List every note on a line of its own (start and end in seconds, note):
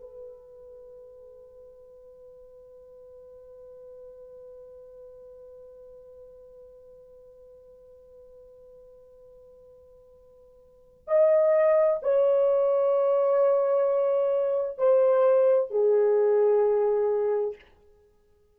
0.00 11.07 B4
11.07 12.00 D#5
12.02 14.77 C#5
14.77 15.70 C5
15.70 17.55 G#4